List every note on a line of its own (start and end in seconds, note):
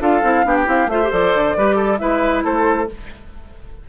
0.00 0.22 D4
0.00 0.22 F4
0.00 0.45 A4
0.00 0.56 F5
0.23 0.45 C4
0.23 0.44 E4
0.44 0.67 B3
0.44 0.65 D4
0.44 0.91 G4
0.56 0.67 G5
0.65 0.87 C4
0.65 0.87 E4
0.65 0.90 F5
0.87 1.09 A3
0.87 1.02 F4
0.87 1.57 C5
0.87 1.12 E5
1.03 1.10 G4
1.10 1.34 F3
1.10 1.54 A4
1.10 1.98 D5
1.34 1.56 D3
1.57 2.01 G3
1.57 1.99 G4
1.57 1.76 B4
1.76 1.98 A4
1.98 2.44 G#3
1.98 2.87 E4
1.98 2.44 B4
1.98 2.42 E5
2.44 2.89 A3
2.44 2.88 A4
2.44 2.89 C5